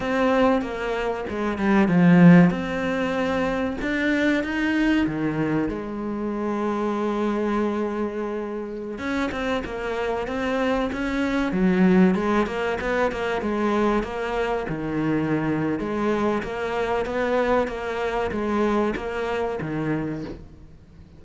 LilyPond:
\new Staff \with { instrumentName = "cello" } { \time 4/4 \tempo 4 = 95 c'4 ais4 gis8 g8 f4 | c'2 d'4 dis'4 | dis4 gis2.~ | gis2~ gis16 cis'8 c'8 ais8.~ |
ais16 c'4 cis'4 fis4 gis8 ais16~ | ais16 b8 ais8 gis4 ais4 dis8.~ | dis4 gis4 ais4 b4 | ais4 gis4 ais4 dis4 | }